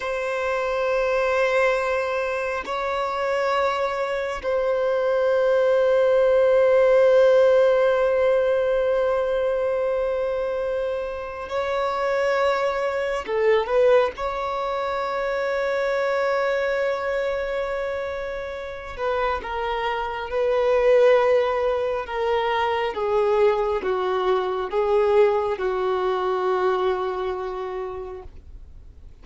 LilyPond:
\new Staff \with { instrumentName = "violin" } { \time 4/4 \tempo 4 = 68 c''2. cis''4~ | cis''4 c''2.~ | c''1~ | c''4 cis''2 a'8 b'8 |
cis''1~ | cis''4. b'8 ais'4 b'4~ | b'4 ais'4 gis'4 fis'4 | gis'4 fis'2. | }